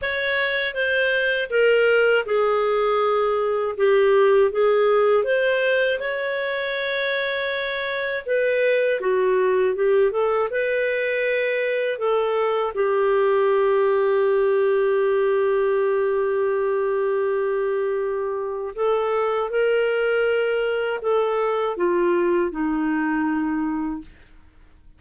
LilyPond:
\new Staff \with { instrumentName = "clarinet" } { \time 4/4 \tempo 4 = 80 cis''4 c''4 ais'4 gis'4~ | gis'4 g'4 gis'4 c''4 | cis''2. b'4 | fis'4 g'8 a'8 b'2 |
a'4 g'2.~ | g'1~ | g'4 a'4 ais'2 | a'4 f'4 dis'2 | }